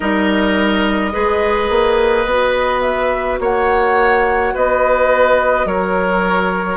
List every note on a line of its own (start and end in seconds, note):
0.00 1.13 G3
0.00 1.12 D#4
0.00 1.12 A#4
0.00 2.81 D#5
1.12 1.69 G#3
1.12 2.24 G#4
1.12 3.39 B4
1.69 2.25 A#3
2.24 3.38 B3
2.24 6.77 F#4
2.81 3.37 E5
3.39 4.52 A#3
3.39 4.54 C#5
3.39 4.55 F#5
4.54 5.65 B3
4.54 5.66 B4
4.54 5.67 D#5
5.65 6.77 F#3
5.65 6.77 A#4
5.65 6.77 C#5